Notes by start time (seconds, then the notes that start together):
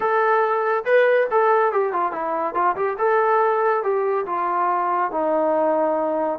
0.00 A4
0.84 B4
1.30 A4
1.72 G4
1.92 F4
2.12 E4
2.54 F4
2.75 G4
2.98 A4
3.83 G4
4.26 F4
5.11 D#4